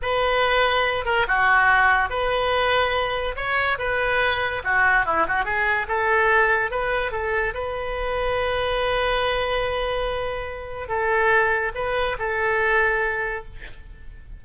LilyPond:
\new Staff \with { instrumentName = "oboe" } { \time 4/4 \tempo 4 = 143 b'2~ b'8 ais'8 fis'4~ | fis'4 b'2. | cis''4 b'2 fis'4 | e'8 fis'8 gis'4 a'2 |
b'4 a'4 b'2~ | b'1~ | b'2 a'2 | b'4 a'2. | }